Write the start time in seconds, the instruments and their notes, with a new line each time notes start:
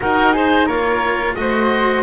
0.00 double bass D#4, cello D#4, flute F#4, oboe A#4
0.32 flute G#4, oboe C5
0.65 double bass A#3, cello F4, flute A#4, oboe C#5
1.34 double bass A3, cello F#4, flute C5, oboe D#5